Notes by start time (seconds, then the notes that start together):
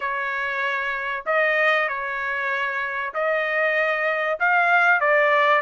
0.00 C#5
1.26 D#5
1.88 C#5
3.13 D#5
4.39 F5
5.00 D5